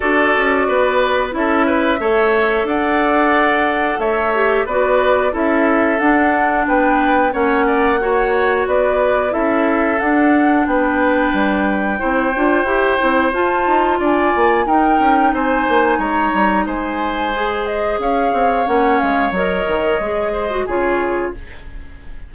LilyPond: <<
  \new Staff \with { instrumentName = "flute" } { \time 4/4 \tempo 4 = 90 d''2 e''2 | fis''2 e''4 d''4 | e''4 fis''4 g''4 fis''4~ | fis''4 d''4 e''4 fis''4 |
g''1 | a''4 gis''4 g''4 gis''4 | ais''4 gis''4. dis''8 f''4 | fis''8 f''8 dis''2 cis''4 | }
  \new Staff \with { instrumentName = "oboe" } { \time 4/4 a'4 b'4 a'8 b'8 cis''4 | d''2 cis''4 b'4 | a'2 b'4 cis''8 d''8 | cis''4 b'4 a'2 |
b'2 c''2~ | c''4 d''4 ais'4 c''4 | cis''4 c''2 cis''4~ | cis''2~ cis''8 c''8 gis'4 | }
  \new Staff \with { instrumentName = "clarinet" } { \time 4/4 fis'2 e'4 a'4~ | a'2~ a'8 g'8 fis'4 | e'4 d'2 cis'4 | fis'2 e'4 d'4~ |
d'2 e'8 f'8 g'8 e'8 | f'2 dis'2~ | dis'2 gis'2 | cis'4 ais'4 gis'8. fis'16 f'4 | }
  \new Staff \with { instrumentName = "bassoon" } { \time 4/4 d'8 cis'8 b4 cis'4 a4 | d'2 a4 b4 | cis'4 d'4 b4 ais4~ | ais4 b4 cis'4 d'4 |
b4 g4 c'8 d'8 e'8 c'8 | f'8 dis'8 d'8 ais8 dis'8 cis'8 c'8 ais8 | gis8 g8 gis2 cis'8 c'8 | ais8 gis8 fis8 dis8 gis4 cis4 | }
>>